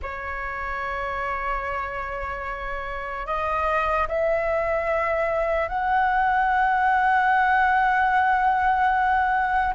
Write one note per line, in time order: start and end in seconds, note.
0.02 3.26 C#5
3.26 4.07 D#5
4.08 5.68 E5
5.68 9.73 F#5